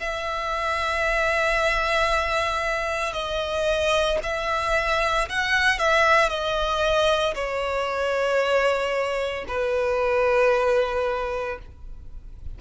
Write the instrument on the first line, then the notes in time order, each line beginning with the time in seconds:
violin
0.00 E5
3.13 D#5
4.23 E5
5.29 F#5
5.79 E5
6.29 D#5
7.34 C#5
9.48 B4